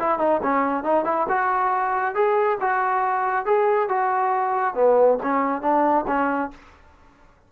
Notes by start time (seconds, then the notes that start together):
0.00 E4
0.19 D#4
0.43 C#4
0.84 D#4
1.05 E4
1.29 F#4
2.15 G#4
2.61 F#4
3.46 G#4
3.89 F#4
4.75 B3
5.23 C#4
5.62 D4
6.08 C#4